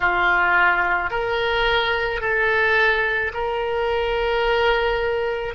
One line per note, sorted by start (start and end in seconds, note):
0.00 1.10 F4
1.10 2.20 A#4
2.20 3.31 A4
3.33 5.54 A#4